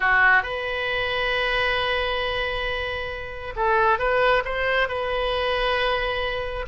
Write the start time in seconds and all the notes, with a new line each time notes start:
0.00 F#4
0.42 B4
3.56 A4
3.99 B4
4.44 C5
4.88 B4